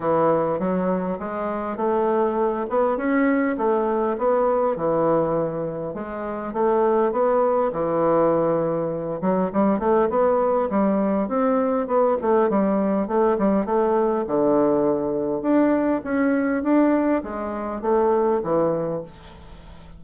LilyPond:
\new Staff \with { instrumentName = "bassoon" } { \time 4/4 \tempo 4 = 101 e4 fis4 gis4 a4~ | a8 b8 cis'4 a4 b4 | e2 gis4 a4 | b4 e2~ e8 fis8 |
g8 a8 b4 g4 c'4 | b8 a8 g4 a8 g8 a4 | d2 d'4 cis'4 | d'4 gis4 a4 e4 | }